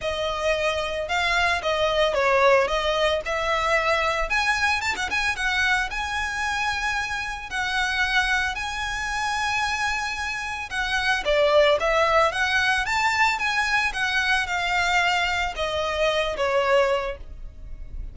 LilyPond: \new Staff \with { instrumentName = "violin" } { \time 4/4 \tempo 4 = 112 dis''2 f''4 dis''4 | cis''4 dis''4 e''2 | gis''4 a''16 fis''16 gis''8 fis''4 gis''4~ | gis''2 fis''2 |
gis''1 | fis''4 d''4 e''4 fis''4 | a''4 gis''4 fis''4 f''4~ | f''4 dis''4. cis''4. | }